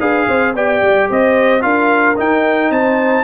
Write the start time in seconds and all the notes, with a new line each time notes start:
0.00 D4 G#4 B4 F5
0.28 C4 C5
0.54 B3 G4 D5 G5
0.82 G3
1.09 C4 C5 D#5
1.61 D4 F4 A#4 F5
2.17 D#4 G5
2.71 C4 C5 A5